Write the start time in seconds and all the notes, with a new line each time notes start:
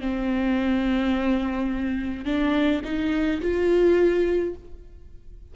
0.00 C4
2.25 D4
2.84 D#4
3.41 F4